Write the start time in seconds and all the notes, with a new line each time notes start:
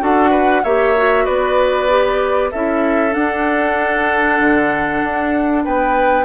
0.00 D4 F#4 A4 F#5
0.30 B4
0.64 A#3 G4 C#5 E5
0.96 F#4
1.24 B3 B4 D5
1.89 G4
2.52 C#4 E4 A4 E5
3.11 D4 F#5
4.40 D3
5.03 D4
5.65 B3 B4 G5